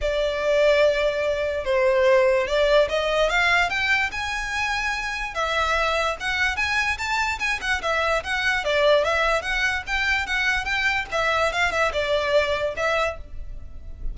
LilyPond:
\new Staff \with { instrumentName = "violin" } { \time 4/4 \tempo 4 = 146 d''1 | c''2 d''4 dis''4 | f''4 g''4 gis''2~ | gis''4 e''2 fis''4 |
gis''4 a''4 gis''8 fis''8 e''4 | fis''4 d''4 e''4 fis''4 | g''4 fis''4 g''4 e''4 | f''8 e''8 d''2 e''4 | }